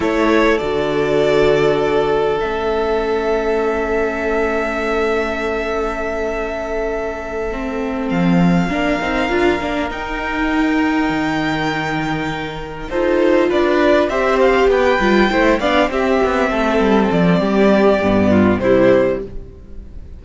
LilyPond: <<
  \new Staff \with { instrumentName = "violin" } { \time 4/4 \tempo 4 = 100 cis''4 d''2. | e''1~ | e''1~ | e''4. f''2~ f''8~ |
f''8 g''2.~ g''8~ | g''4. c''4 d''4 e''8 | f''8 g''4. f''8 e''4.~ | e''8 d''2~ d''8 c''4 | }
  \new Staff \with { instrumentName = "violin" } { \time 4/4 a'1~ | a'1~ | a'1~ | a'2~ a'8 ais'4.~ |
ais'1~ | ais'4. a'4 b'4 c''8~ | c''8 b'4 c''8 d''8 g'4 a'8~ | a'4 g'4. f'8 e'4 | }
  \new Staff \with { instrumentName = "viola" } { \time 4/4 e'4 fis'2. | cis'1~ | cis'1~ | cis'8 c'2 d'8 dis'8 f'8 |
d'8 dis'2.~ dis'8~ | dis'4. f'2 g'8~ | g'4 f'8 e'8 d'8 c'4.~ | c'2 b4 g4 | }
  \new Staff \with { instrumentName = "cello" } { \time 4/4 a4 d2. | a1~ | a1~ | a4. f4 ais8 c'8 d'8 |
ais8 dis'2 dis4.~ | dis4. dis'4 d'4 c'8~ | c'8 b8 g8 a8 b8 c'8 b8 a8 | g8 f8 g4 g,4 c4 | }
>>